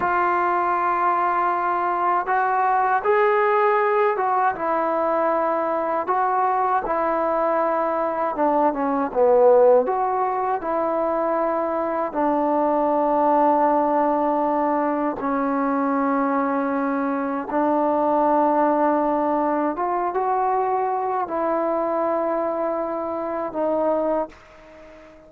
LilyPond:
\new Staff \with { instrumentName = "trombone" } { \time 4/4 \tempo 4 = 79 f'2. fis'4 | gis'4. fis'8 e'2 | fis'4 e'2 d'8 cis'8 | b4 fis'4 e'2 |
d'1 | cis'2. d'4~ | d'2 f'8 fis'4. | e'2. dis'4 | }